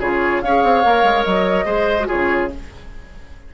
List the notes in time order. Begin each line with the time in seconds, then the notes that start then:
0.00 C#3 F4 G#4 C#5
0.42 C#4 G#4 C#5 F5
0.64 C4
0.84 A#3 A#4
1.04 G#3
1.24 F#3 D#5
1.66 G#3 G#4 C5
2.00 F#4
2.08 C#3 F4 G#4 C#5